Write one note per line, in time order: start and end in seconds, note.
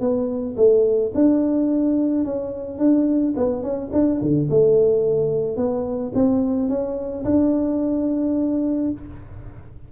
0.00 0.56 B3
0.56 1.12 A3
1.14 2.24 D4
2.24 2.79 C#4
2.79 3.34 D4
3.36 3.63 B3
3.63 3.90 C#4
3.92 4.20 D4
4.21 4.49 D3
4.49 5.56 A3
5.56 6.12 B3
6.15 6.69 C4
6.69 7.24 C#4
7.24 8.91 D4